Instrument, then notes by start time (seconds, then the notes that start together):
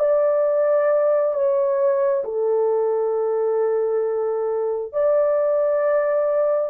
horn
0.00 D5
1.34 C#5
2.25 A4
4.93 D5